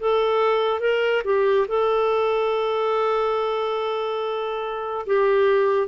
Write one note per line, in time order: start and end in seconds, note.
0.00 0.80 A4
0.80 1.22 A#4
1.24 1.67 G4
1.68 5.06 A4
5.06 5.88 G4